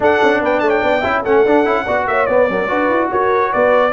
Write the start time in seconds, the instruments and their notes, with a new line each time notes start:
0.00 tuba D4, trombone D4, horn A4, trumpet F#5
0.22 tuba C#4
0.40 tuba B3, horn B4, trumpet G5
0.59 tuba A3, horn C#5, trumpet A5
0.69 trumpet G5
0.82 tuba B3, horn D5
1.01 tuba C#4, trombone E4, horn E5
1.22 tuba A3, trombone C#4, horn A4, trumpet F#5
1.45 tuba D4, trombone D4
1.65 tuba C#4, trombone E4
1.85 tuba B3, trombone F#4, horn D5
2.06 tuba A#3, horn C#5, trumpet E5
2.25 tuba B3, trombone B3, trumpet D5
2.48 trombone F#3, tuba C#4, horn A#4
2.67 tuba D4, trombone F#4, horn B4
2.89 tuba E4
3.11 tuba F#4, horn A#4, trumpet C#5
3.52 tuba B3, horn B4, trumpet D5